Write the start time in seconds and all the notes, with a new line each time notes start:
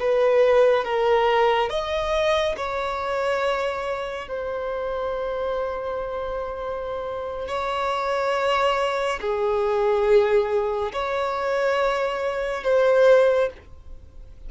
0.00 B4
0.85 A#4
1.70 D#5
2.57 C#5
4.29 C5
7.48 C#5
9.21 G#4
10.93 C#5
12.64 C5